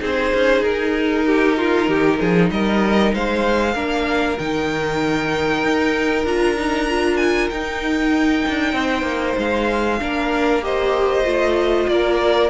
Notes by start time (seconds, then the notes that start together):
0.00 C4 D#4 G#4 C5
0.34 C#4
0.62 D#4 A#4
1.27 G4
1.58 F4
1.89 D#3 G4
2.20 F3 G#4
2.51 G3 A#4 D#5
3.14 G#3 C5 F5
3.75 A#3 D4 A#4
4.39 D#3 D#4 G5
5.64 D#4
6.25 D4 F4 A#5
6.57 D#4
6.90 F4
7.17 G#5
7.50 D#4 G5
8.48 D4
8.73 C4 C5
9.03 A#3
9.39 G#3 F5
10.00 A#3 D4 A#4
10.62 G4 C5 D#5
11.24 A3 F4
11.88 A#3 A#4 D5